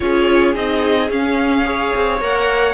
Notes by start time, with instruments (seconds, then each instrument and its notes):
0.00 cello C#4, viola F4, violin G#4 C#5
0.54 cello C4, viola D#4, violin D#5
1.10 cello C#4, viola C#4, violin F5
1.64 viola G#4, violin C#5
1.94 cello C4
2.20 cello A#3, viola A#4, violin F#5